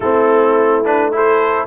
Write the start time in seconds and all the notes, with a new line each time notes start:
0.00 A3 C4 E4 A4
0.84 D4 B4
1.11 E4 A4 C5